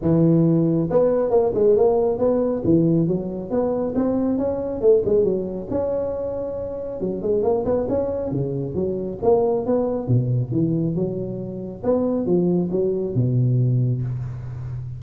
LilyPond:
\new Staff \with { instrumentName = "tuba" } { \time 4/4 \tempo 4 = 137 e2 b4 ais8 gis8 | ais4 b4 e4 fis4 | b4 c'4 cis'4 a8 gis8 | fis4 cis'2. |
fis8 gis8 ais8 b8 cis'4 cis4 | fis4 ais4 b4 b,4 | e4 fis2 b4 | f4 fis4 b,2 | }